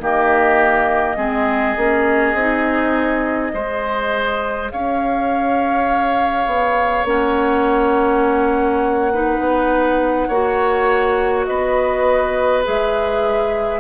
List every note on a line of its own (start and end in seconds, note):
0.00 1.16 D#3
0.00 1.17 A#3
0.00 1.16 G4
0.00 4.71 D#5
1.16 1.75 G#3
1.16 1.76 C4
1.16 3.52 G#4
1.77 2.34 A#3
1.77 2.37 C#4
2.34 3.51 C4
2.34 3.53 D#4
3.53 4.71 G#3
3.53 7.06 G#4
3.53 4.72 C5
4.71 6.46 C#4
4.71 9.13 C#5
4.71 7.06 F5
6.46 7.04 B3
7.04 9.39 A#3
7.04 9.12 C#4
7.04 11.45 F#5
9.13 10.30 D#4
9.13 10.28 B4
9.39 10.27 B3
10.28 11.47 A#3
10.28 12.64 F#4
10.28 11.45 C#5
11.45 12.66 B3
11.45 13.80 B4
11.45 12.63 D#5
12.64 13.80 G#3
12.64 13.80 G#4
12.64 13.80 E5